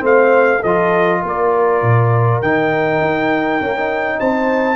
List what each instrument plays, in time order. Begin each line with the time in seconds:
0.00 tuba A3, trombone C4, horn C5
0.06 trumpet F5
0.61 tuba F3, trombone F4, horn A4, trumpet D#5
1.22 tuba A#3, horn A#4, trumpet D5
1.82 tuba A#2
2.42 tuba D#3, trombone D#4, trumpet G5
3.01 tuba D#4
3.61 trombone A#3, tuba C#4
3.77 trombone D#4
4.19 tuba C4, horn C5, trumpet A5